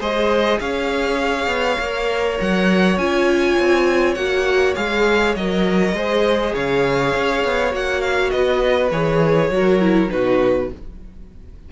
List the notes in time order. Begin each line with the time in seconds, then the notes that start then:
0.00 G#3 G#4 C5 D#5
0.60 C#4 C#5 F5
1.47 B3
1.80 A#3 A#4
2.41 F#3 F#5
2.98 C#4 F4 G#5
3.59 C4
4.15 A#3 F#4 F#5
4.76 G#3 G#4 F5
5.36 F#3 A#4 D#5
5.93 G#3 G#4 C5
6.55 C#3 C#5 F5
7.16 C#4
7.45 B3
7.72 A#3 F#4 F#5
8.02 F5
8.31 B3 B4 D#5
8.91 E3 G#4 C#5
9.50 F#3 F#4 A#4
9.81 E4
10.10 B2 D#4 F#4 B4